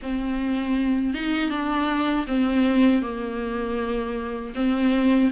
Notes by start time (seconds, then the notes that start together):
0.02 C4
1.14 D#4
1.49 D4
2.27 C4
3.02 A#3
4.54 C4